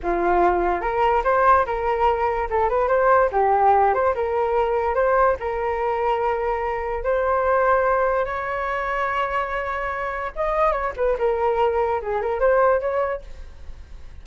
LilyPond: \new Staff \with { instrumentName = "flute" } { \time 4/4 \tempo 4 = 145 f'2 ais'4 c''4 | ais'2 a'8 b'8 c''4 | g'4. c''8 ais'2 | c''4 ais'2.~ |
ais'4 c''2. | cis''1~ | cis''4 dis''4 cis''8 b'8 ais'4~ | ais'4 gis'8 ais'8 c''4 cis''4 | }